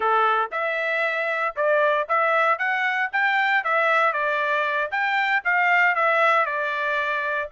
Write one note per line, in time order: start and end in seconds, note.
0.00 0.50 A4
0.51 1.55 E5
1.55 2.07 D5
2.08 2.58 E5
2.58 3.10 F#5
3.12 3.63 G5
3.63 4.12 E5
4.12 4.90 D5
4.91 5.42 G5
5.44 5.95 F5
5.95 6.45 E5
6.45 7.49 D5